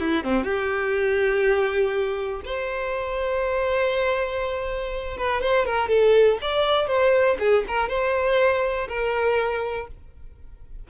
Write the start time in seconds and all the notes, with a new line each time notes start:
0.00 E4
0.24 C4
0.44 G4
2.45 C5
5.18 B4
5.42 C5
5.66 A#4
5.89 A4
6.42 D5
6.88 C5
7.40 G#4
7.68 A#4
7.89 C5
8.89 A#4